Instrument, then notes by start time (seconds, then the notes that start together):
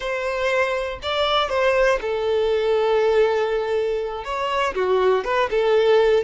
violin
0.00 C5
1.02 D5
1.49 C5
2.01 A4
4.24 C#5
4.74 F#4
5.24 B4
5.50 A4